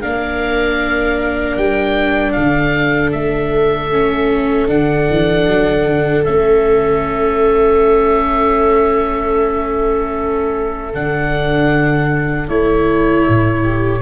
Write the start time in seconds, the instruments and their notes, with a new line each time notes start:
0.00 tuba A#3, viola D4 A#4, oboe F5
1.56 tuba G3, oboe G5
2.32 tuba D3, viola A4, oboe F5
3.12 tuba A3, oboe E5
3.91 viola C#4
4.68 tuba D3, viola D4, oboe F#5
5.10 tuba E3
5.47 tuba F#3
5.85 tuba D3
6.25 tuba A3, viola C#4, oboe E5
10.94 tuba D3, viola D4, oboe F#5
12.48 tuba A3, viola E4, oboe C#5
13.28 tuba A2
13.63 viola G4